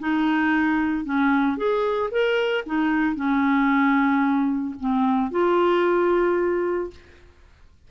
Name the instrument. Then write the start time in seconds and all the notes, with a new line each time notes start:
clarinet
0.00 D#4
1.05 C#4
1.58 G#4
2.12 A#4
2.67 D#4
3.16 C#4
4.81 C4
5.32 F4